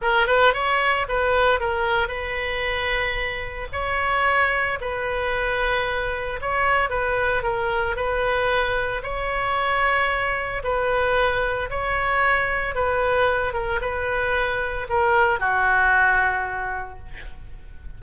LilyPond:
\new Staff \with { instrumentName = "oboe" } { \time 4/4 \tempo 4 = 113 ais'8 b'8 cis''4 b'4 ais'4 | b'2. cis''4~ | cis''4 b'2. | cis''4 b'4 ais'4 b'4~ |
b'4 cis''2. | b'2 cis''2 | b'4. ais'8 b'2 | ais'4 fis'2. | }